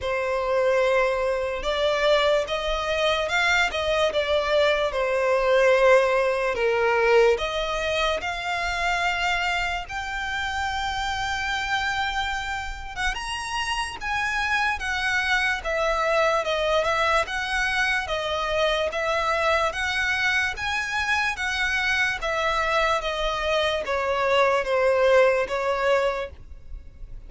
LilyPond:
\new Staff \with { instrumentName = "violin" } { \time 4/4 \tempo 4 = 73 c''2 d''4 dis''4 | f''8 dis''8 d''4 c''2 | ais'4 dis''4 f''2 | g''2.~ g''8. fis''16 |
ais''4 gis''4 fis''4 e''4 | dis''8 e''8 fis''4 dis''4 e''4 | fis''4 gis''4 fis''4 e''4 | dis''4 cis''4 c''4 cis''4 | }